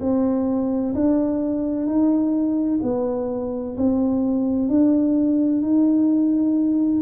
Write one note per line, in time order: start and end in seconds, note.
0.00 0.94 C4
0.94 1.86 D4
1.86 2.80 D#4
2.82 3.76 B3
3.77 4.68 C4
4.68 5.62 D4
5.62 7.01 D#4